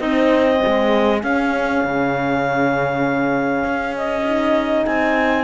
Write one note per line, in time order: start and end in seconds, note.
0.00 0.61 C4
0.00 1.22 C4
0.00 0.61 D#4
0.00 1.21 D#5
0.61 1.23 G#3
0.61 5.45 G#4
1.22 4.25 C#4
1.22 1.84 C#4
1.22 3.96 F5
1.84 3.64 C#3
3.64 4.85 C#4
3.97 4.86 D#5
4.26 5.45 D#4
4.86 5.45 C4
4.86 5.45 G#5